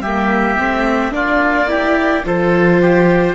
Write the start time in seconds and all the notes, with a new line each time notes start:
0.00 G3 G4 E5
0.07 A#3
0.59 A3 C4
1.11 A#3 D4 F4 D5
1.68 E4 G4
2.25 F3 F4 A4 C5
2.81 G4